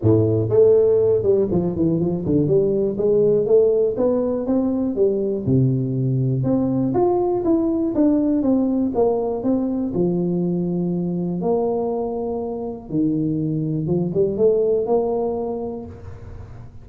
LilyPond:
\new Staff \with { instrumentName = "tuba" } { \time 4/4 \tempo 4 = 121 a,4 a4. g8 f8 e8 | f8 d8 g4 gis4 a4 | b4 c'4 g4 c4~ | c4 c'4 f'4 e'4 |
d'4 c'4 ais4 c'4 | f2. ais4~ | ais2 dis2 | f8 g8 a4 ais2 | }